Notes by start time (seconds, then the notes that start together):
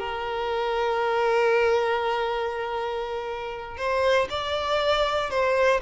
0.00 A#4
3.78 C5
4.30 D5
5.31 C5